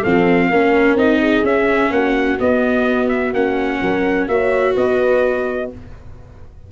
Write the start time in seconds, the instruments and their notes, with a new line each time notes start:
0.00 tuba F3, viola C4, horn A4, trumpet F5
0.49 tuba A#3, viola C#4, horn A#4
0.95 tuba C4, viola D#4, trumpet D#5
1.20 horn G#4
1.44 viola C#4, tuba C#4, trumpet E5
1.91 tuba A#3, horn F#4, trumpet F#5
2.39 viola B3, tuba B3, trumpet D#5
3.09 trumpet E5
3.34 tuba A#3, viola C#4, trumpet F#5
3.82 tuba F#3, horn A#4
4.28 tuba A#3, viola F#4, horn C#5, trumpet E5
4.75 tuba B3, horn B4, trumpet D#5